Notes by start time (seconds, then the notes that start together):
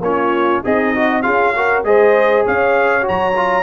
0.00 A#3 C#4 F4 C#5
0.63 C4 D#4 G#4 D#5
0.95 F#4
1.22 C#4 F4 G#4 F5
1.55 F#4 A#4
1.84 G#3 G#4 C5 D#5
2.45 C#4 C#5 F5
3.01 F#4
3.08 F#3 A#5
3.36 F4